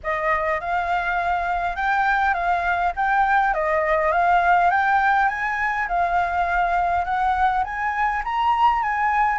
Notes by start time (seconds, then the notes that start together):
0.03 D#5
0.60 F5
1.75 G5
2.34 F5
2.96 G5
3.53 D#5
4.12 F5
4.70 G5
5.28 G#5
5.87 F5
7.05 F#5
7.63 G#5
8.24 A#5
8.82 G#5